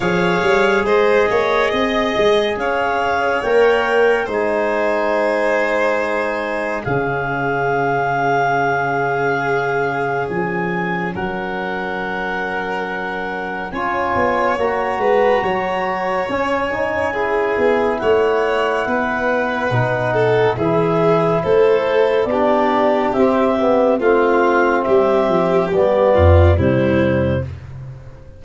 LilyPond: <<
  \new Staff \with { instrumentName = "clarinet" } { \time 4/4 \tempo 4 = 70 f''4 dis''2 f''4 | g''4 gis''2. | f''1 | gis''4 fis''2. |
gis''4 ais''2 gis''4~ | gis''4 fis''2. | e''4 c''4 d''4 e''4 | f''4 e''4 d''4 c''4 | }
  \new Staff \with { instrumentName = "violin" } { \time 4/4 cis''4 c''8 cis''8 dis''4 cis''4~ | cis''4 c''2. | gis'1~ | gis'4 ais'2. |
cis''4. b'8 cis''2 | gis'4 cis''4 b'4. a'8 | gis'4 a'4 g'2 | f'4 g'4. f'8 e'4 | }
  \new Staff \with { instrumentName = "trombone" } { \time 4/4 gis'1 | ais'4 dis'2. | cis'1~ | cis'1 |
f'4 fis'2 cis'8 dis'8 | e'2. dis'4 | e'2 d'4 c'8 b8 | c'2 b4 g4 | }
  \new Staff \with { instrumentName = "tuba" } { \time 4/4 f8 g8 gis8 ais8 c'8 gis8 cis'4 | ais4 gis2. | cis1 | f4 fis2. |
cis'8 b8 ais8 gis8 fis4 cis'4~ | cis'8 b8 a4 b4 b,4 | e4 a4 b4 c'4 | a4 g8 f8 g8 f,8 c4 | }
>>